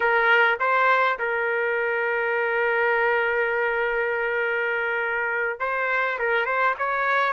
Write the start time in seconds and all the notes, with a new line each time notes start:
0.00 A#4
0.59 C5
1.18 A#4
5.59 C5
6.18 A#4
6.45 C5
6.78 C#5